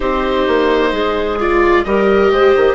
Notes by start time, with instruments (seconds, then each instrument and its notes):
0.00 bassoon C4, viola D#4, clarinet G4, oboe C5
0.47 bassoon A#3
0.91 bassoon G#3, clarinet G#4
1.39 viola F4, oboe D5
1.84 bassoon G3, viola G4, clarinet A#4, oboe D#5
2.31 bassoon G#3, clarinet C5
2.56 bassoon D#3